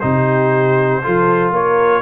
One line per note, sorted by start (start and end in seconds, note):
0.00 1.03 C3
0.00 1.02 D#4
0.00 1.03 G4
0.00 1.51 C5
1.03 1.51 F3
1.03 2.02 F4
1.03 1.54 A4
1.51 2.02 A#3
1.51 2.02 A#4
1.51 2.02 C#5